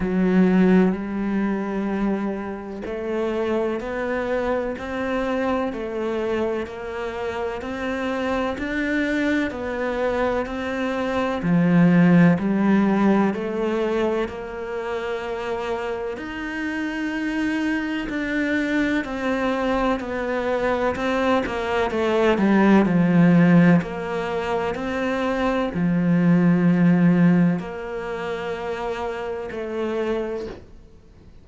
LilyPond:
\new Staff \with { instrumentName = "cello" } { \time 4/4 \tempo 4 = 63 fis4 g2 a4 | b4 c'4 a4 ais4 | c'4 d'4 b4 c'4 | f4 g4 a4 ais4~ |
ais4 dis'2 d'4 | c'4 b4 c'8 ais8 a8 g8 | f4 ais4 c'4 f4~ | f4 ais2 a4 | }